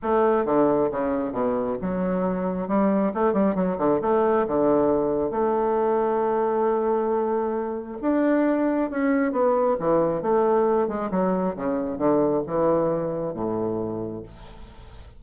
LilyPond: \new Staff \with { instrumentName = "bassoon" } { \time 4/4 \tempo 4 = 135 a4 d4 cis4 b,4 | fis2 g4 a8 g8 | fis8 d8 a4 d2 | a1~ |
a2 d'2 | cis'4 b4 e4 a4~ | a8 gis8 fis4 cis4 d4 | e2 a,2 | }